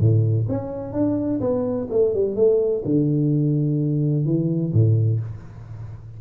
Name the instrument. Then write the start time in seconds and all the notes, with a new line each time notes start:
tuba
0.00 A2
0.50 C#4
0.93 D4
1.41 B3
1.91 A3
2.15 G3
2.36 A3
2.85 D3
4.26 E3
4.74 A2